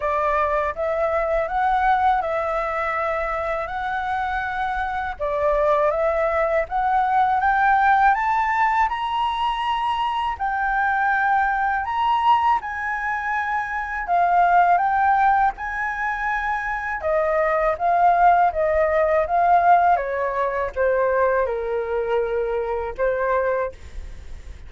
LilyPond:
\new Staff \with { instrumentName = "flute" } { \time 4/4 \tempo 4 = 81 d''4 e''4 fis''4 e''4~ | e''4 fis''2 d''4 | e''4 fis''4 g''4 a''4 | ais''2 g''2 |
ais''4 gis''2 f''4 | g''4 gis''2 dis''4 | f''4 dis''4 f''4 cis''4 | c''4 ais'2 c''4 | }